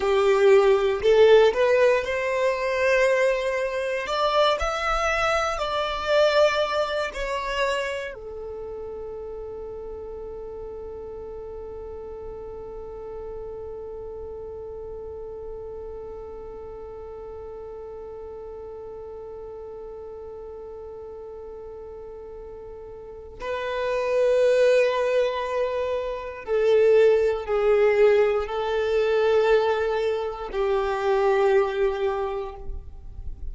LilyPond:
\new Staff \with { instrumentName = "violin" } { \time 4/4 \tempo 4 = 59 g'4 a'8 b'8 c''2 | d''8 e''4 d''4. cis''4 | a'1~ | a'1~ |
a'1~ | a'2. b'4~ | b'2 a'4 gis'4 | a'2 g'2 | }